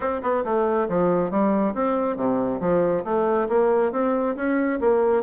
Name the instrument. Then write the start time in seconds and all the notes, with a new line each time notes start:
bassoon
0.00 C4
0.22 B3
0.44 A3
0.89 F3
1.30 G3
1.74 C4
2.16 C3
2.60 F3
3.04 A3
3.48 A#3
3.92 C4
4.36 C#4
4.80 A#3